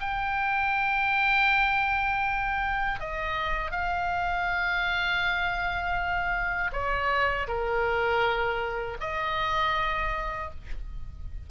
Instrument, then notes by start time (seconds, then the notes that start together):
oboe
0.00 G5
3.00 D#5
3.72 F5
6.73 C#5
7.48 A#4
9.01 D#5